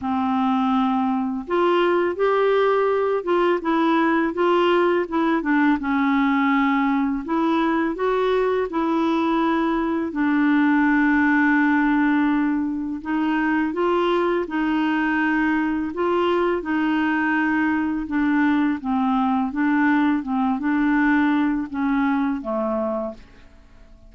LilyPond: \new Staff \with { instrumentName = "clarinet" } { \time 4/4 \tempo 4 = 83 c'2 f'4 g'4~ | g'8 f'8 e'4 f'4 e'8 d'8 | cis'2 e'4 fis'4 | e'2 d'2~ |
d'2 dis'4 f'4 | dis'2 f'4 dis'4~ | dis'4 d'4 c'4 d'4 | c'8 d'4. cis'4 a4 | }